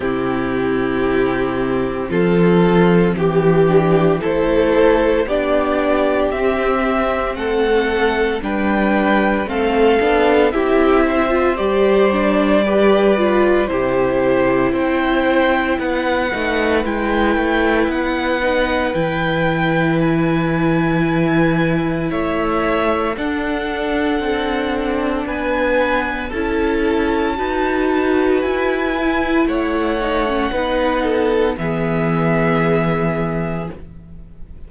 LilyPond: <<
  \new Staff \with { instrumentName = "violin" } { \time 4/4 \tempo 4 = 57 g'2 a'4 g'4 | c''4 d''4 e''4 fis''4 | g''4 f''4 e''4 d''4~ | d''4 c''4 g''4 fis''4 |
g''4 fis''4 g''4 gis''4~ | gis''4 e''4 fis''2 | gis''4 a''2 gis''4 | fis''2 e''2 | }
  \new Staff \with { instrumentName = "violin" } { \time 4/4 e'2 f'4 g'4 | a'4 g'2 a'4 | b'4 a'4 g'8 c''4. | b'4 g'4 c''4 b'4~ |
b'1~ | b'4 cis''4 a'2 | b'4 a'4 b'2 | cis''4 b'8 a'8 gis'2 | }
  \new Staff \with { instrumentName = "viola" } { \time 4/4 c'2.~ c'8 d'8 | e'4 d'4 c'2 | d'4 c'8 d'8 e'8. f'16 g'8 d'8 | g'8 f'8 e'2~ e'8 dis'8 |
e'4. dis'8 e'2~ | e'2 d'2~ | d'4 e'4 fis'4. e'8~ | e'8 dis'16 cis'16 dis'4 b2 | }
  \new Staff \with { instrumentName = "cello" } { \time 4/4 c2 f4 e4 | a4 b4 c'4 a4 | g4 a8 b8 c'4 g4~ | g4 c4 c'4 b8 a8 |
gis8 a8 b4 e2~ | e4 a4 d'4 c'4 | b4 cis'4 dis'4 e'4 | a4 b4 e2 | }
>>